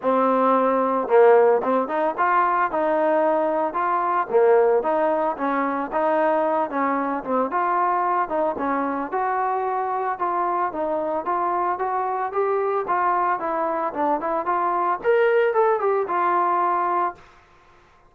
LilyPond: \new Staff \with { instrumentName = "trombone" } { \time 4/4 \tempo 4 = 112 c'2 ais4 c'8 dis'8 | f'4 dis'2 f'4 | ais4 dis'4 cis'4 dis'4~ | dis'8 cis'4 c'8 f'4. dis'8 |
cis'4 fis'2 f'4 | dis'4 f'4 fis'4 g'4 | f'4 e'4 d'8 e'8 f'4 | ais'4 a'8 g'8 f'2 | }